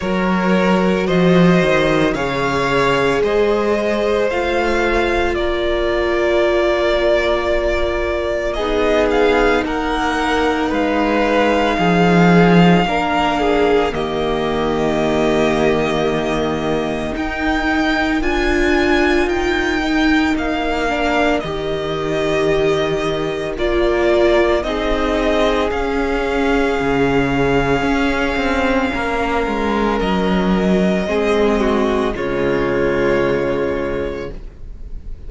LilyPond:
<<
  \new Staff \with { instrumentName = "violin" } { \time 4/4 \tempo 4 = 56 cis''4 dis''4 f''4 dis''4 | f''4 d''2. | dis''8 f''8 fis''4 f''2~ | f''4 dis''2. |
g''4 gis''4 g''4 f''4 | dis''2 d''4 dis''4 | f''1 | dis''2 cis''2 | }
  \new Staff \with { instrumentName = "violin" } { \time 4/4 ais'4 c''4 cis''4 c''4~ | c''4 ais'2. | gis'4 ais'4 b'4 gis'4 | ais'8 gis'8 g'2. |
ais'1~ | ais'2. gis'4~ | gis'2. ais'4~ | ais'4 gis'8 fis'8 f'2 | }
  \new Staff \with { instrumentName = "viola" } { \time 4/4 fis'2 gis'2 | f'1 | dis'1 | d'4 ais2. |
dis'4 f'4. dis'4 d'8 | g'2 f'4 dis'4 | cis'1~ | cis'4 c'4 gis2 | }
  \new Staff \with { instrumentName = "cello" } { \time 4/4 fis4 f8 dis8 cis4 gis4 | a4 ais2. | b4 ais4 gis4 f4 | ais4 dis2. |
dis'4 d'4 dis'4 ais4 | dis2 ais4 c'4 | cis'4 cis4 cis'8 c'8 ais8 gis8 | fis4 gis4 cis2 | }
>>